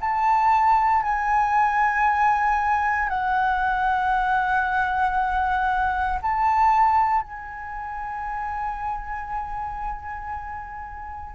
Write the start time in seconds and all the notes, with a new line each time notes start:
0.00 A5
1.02 G#5
3.08 F#5
6.22 A5
7.22 G#5